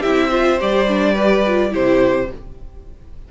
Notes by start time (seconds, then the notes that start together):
0.00 C4 E4 G4 E5
0.29 F4 C5
0.60 G3 G4 D5
0.88 D4
1.13 G4 B4
1.46 F4
1.71 C3 E4 G4 C5